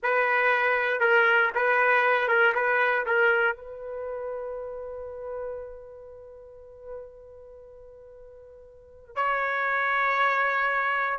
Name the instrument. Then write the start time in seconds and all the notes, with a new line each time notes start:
trumpet
0.03 B4
1.00 A#4
1.55 B4
2.27 A#4
2.54 B4
3.06 A#4
3.56 B4
9.15 C#5